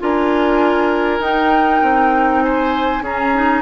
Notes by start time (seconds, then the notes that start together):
0.00 D4 F4 A#4 G#5
1.20 D#4 G5
1.82 C4
2.43 C5 G#5
3.02 C#4 G#4 A#5
3.35 D#4